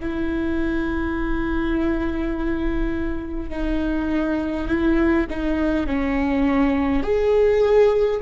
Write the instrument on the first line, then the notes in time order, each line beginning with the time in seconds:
viola
0.00 E4
3.50 D#4
4.67 E4
5.30 D#4
5.87 C#4
7.03 G#4